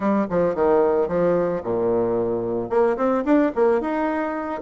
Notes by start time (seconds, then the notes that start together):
0.00 G3
0.30 F3
0.54 D#3
1.08 F3
1.63 A#2
2.69 A#3
2.97 C4
3.24 D4
3.55 A#3
3.80 D#4